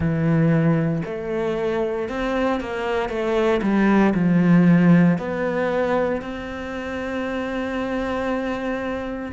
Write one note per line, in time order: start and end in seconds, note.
0.00 1.02 E3
1.05 2.08 A3
2.08 2.60 C4
2.60 3.08 A#3
3.08 3.60 A3
3.62 4.13 G3
4.14 5.17 F3
5.18 6.21 B3
6.21 9.32 C4